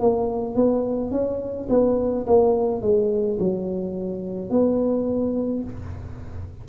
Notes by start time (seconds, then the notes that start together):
0.00 A#3
0.55 B3
1.11 C#4
1.69 B3
2.26 A#3
2.82 G#3
3.39 F#3
4.50 B3